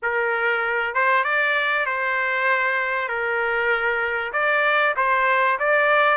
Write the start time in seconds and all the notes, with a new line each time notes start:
0.02 A#4
0.94 C5
1.24 D5
1.86 C5
3.08 A#4
4.32 D5
4.96 C5
5.59 D5